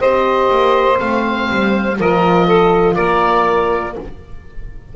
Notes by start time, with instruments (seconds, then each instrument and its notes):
0.00 double bass C4, horn G4, saxophone C5, oboe D#5
0.50 double bass A#3
0.95 double bass A3, horn C4, oboe F5
1.50 double bass G3
1.98 double bass F3, horn F4, saxophone A#4, oboe D#5
2.46 saxophone A4
2.95 double bass A#3, saxophone A#4, oboe D5